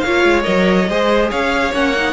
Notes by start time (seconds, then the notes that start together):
0.00 A#3 F4 C#5 F5
0.24 G#3
0.43 F#3 A#4 D#5
0.89 G#3 G#4 C5
1.30 C#4 C#5 F5
1.73 A#3 C#4 F#5
1.96 D#4